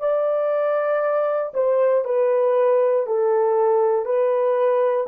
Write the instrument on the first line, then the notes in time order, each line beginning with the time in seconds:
horn
0.00 D5
1.53 C5
2.05 B4
3.06 A4
4.05 B4